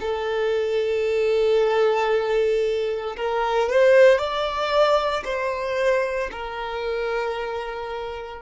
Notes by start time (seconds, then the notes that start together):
0.00 A4
3.16 A#4
3.69 C5
4.18 D5
5.24 C5
6.31 A#4